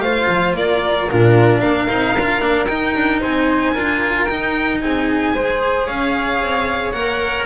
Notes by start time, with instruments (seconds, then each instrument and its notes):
0.00 double bass A3, cello F4, flute C5, violin F5
0.29 double bass F3
0.54 double bass A#3, flute A#4, violin D5
1.10 double bass A#2, cello D4, flute F4, violin A#4
1.61 double bass A#3, flute A#4, violin F5
1.89 double bass C4, cello D#4
2.16 double bass D4, cello F4
2.40 double bass A#3, cello D4
2.67 double bass D#4, cello D#4, violin G5
2.95 double bass D4
3.20 double bass C4, flute C5, violin G#5
3.74 double bass D4, cello F4, flute A#4
4.25 cello D#4, double bass D#4, violin G5
4.81 double bass C4, flute G#4, violin G#5
5.35 double bass G#3, cello G#4, flute C5
5.87 double bass C#4, flute C#5, violin F5
6.42 double bass C4
6.92 double bass A#3, cello A#4, violin F#5